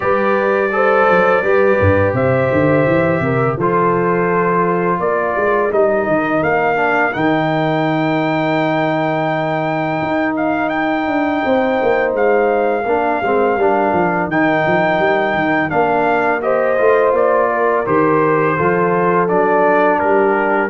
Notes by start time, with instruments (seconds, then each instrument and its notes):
0.00 tuba G3, trombone G4, horn B4, trumpet D5
0.71 trombone A4, horn C5
1.09 tuba F#3
1.43 tuba G3, trombone G4, horn B4
1.80 tuba G2
2.13 tuba C3, horn C5, trumpet E5
2.51 tuba D3
2.86 tuba E3
3.20 tuba C3, horn A#4
3.57 tuba F3, trombone F4, horn A4, trumpet C5
4.99 tuba A#3, horn A#4, trumpet D5
5.36 tuba G#3
5.71 tuba G3, trombone D#4, trumpet D#5
6.06 tuba D#3
6.43 tuba A#3, trumpet F5
6.75 trombone D4
7.12 tuba D#3, trombone D#4, trumpet G5
10.02 tuba D#4
10.35 trumpet F5
10.69 trumpet G5
11.07 tuba D4
11.44 tuba C4, horn C5
11.82 tuba A#3
12.13 tuba G#3, trumpet F5
12.85 tuba A#3, trombone D4, horn A#4
13.22 tuba G#3, trombone C4
13.56 tuba G3, trombone D4
13.92 tuba F3
14.27 tuba D#3, trombone D#4, trumpet G5
14.67 tuba F3
14.98 tuba G3
15.34 tuba D#3
15.69 tuba A#3, trombone D4, trumpet F5
16.41 trombone G4, horn C5, trumpet D#5
16.77 tuba A3, trombone F4
17.12 tuba A#3, trumpet D5
17.50 horn A#4
17.85 tuba D#3, trombone G4, trumpet C5
18.56 tuba F3, trombone F4, horn A4
19.28 tuba F#3, trombone D4, trumpet D5
19.99 tuba G3, horn G4, trumpet A#4